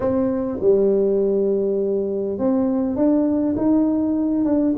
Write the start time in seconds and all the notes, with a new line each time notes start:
0.00 C4
0.60 G3
2.38 C4
2.95 D4
3.56 D#4
4.44 D4